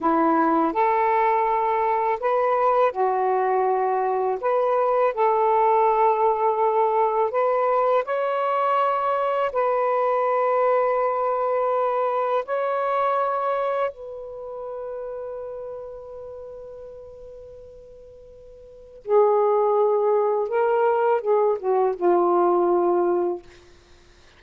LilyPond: \new Staff \with { instrumentName = "saxophone" } { \time 4/4 \tempo 4 = 82 e'4 a'2 b'4 | fis'2 b'4 a'4~ | a'2 b'4 cis''4~ | cis''4 b'2.~ |
b'4 cis''2 b'4~ | b'1~ | b'2 gis'2 | ais'4 gis'8 fis'8 f'2 | }